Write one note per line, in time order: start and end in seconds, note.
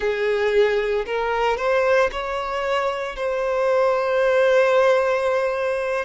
0.00 1.05 G#4
1.06 1.57 A#4
1.57 2.10 C5
2.11 3.16 C#5
3.16 6.05 C5